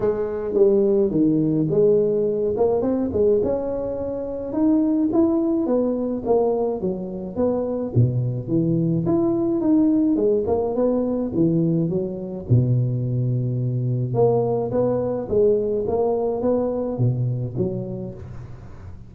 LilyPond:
\new Staff \with { instrumentName = "tuba" } { \time 4/4 \tempo 4 = 106 gis4 g4 dis4 gis4~ | gis8 ais8 c'8 gis8 cis'2 | dis'4 e'4 b4 ais4 | fis4 b4 b,4 e4 |
e'4 dis'4 gis8 ais8 b4 | e4 fis4 b,2~ | b,4 ais4 b4 gis4 | ais4 b4 b,4 fis4 | }